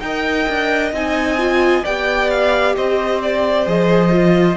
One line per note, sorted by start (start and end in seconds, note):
0.00 0.46 D#4
0.00 0.93 A#4
0.00 1.83 D#5
0.00 0.91 G5
0.48 0.92 D4
0.92 1.83 C4
0.92 1.38 D#4
0.92 1.84 G#5
1.38 1.84 F4
1.83 2.76 B3
1.83 3.65 G4
1.83 2.74 D5
1.83 2.30 G5
2.30 2.75 F5
2.75 3.66 C4
2.75 4.56 C5
2.75 3.21 D#5
3.21 3.67 D5
3.65 4.56 F3
3.65 4.10 G#4
3.65 4.56 D#5
4.10 4.55 F4